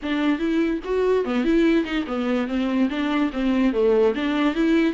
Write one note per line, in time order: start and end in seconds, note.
0.02 0.38 D4
0.38 0.80 E4
0.84 1.24 F#4
1.24 1.44 B3
1.44 1.84 E4
1.84 2.05 D#4
2.07 2.47 B3
2.47 2.89 C4
2.89 3.30 D4
3.33 3.72 C4
3.72 4.14 A3
4.14 4.54 D4
4.54 4.93 E4